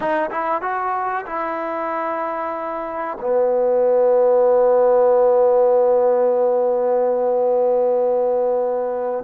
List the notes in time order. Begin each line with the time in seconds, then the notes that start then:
0.00 D#4
0.30 E4
0.61 F#4
1.26 E4
3.20 B3